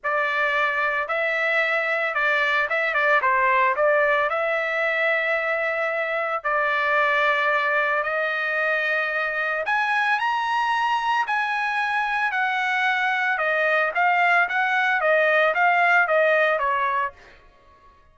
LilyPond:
\new Staff \with { instrumentName = "trumpet" } { \time 4/4 \tempo 4 = 112 d''2 e''2 | d''4 e''8 d''8 c''4 d''4 | e''1 | d''2. dis''4~ |
dis''2 gis''4 ais''4~ | ais''4 gis''2 fis''4~ | fis''4 dis''4 f''4 fis''4 | dis''4 f''4 dis''4 cis''4 | }